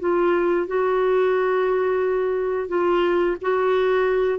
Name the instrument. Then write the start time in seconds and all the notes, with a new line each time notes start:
clarinet
0.00 F4
0.67 F#4
2.69 F4
3.42 F#4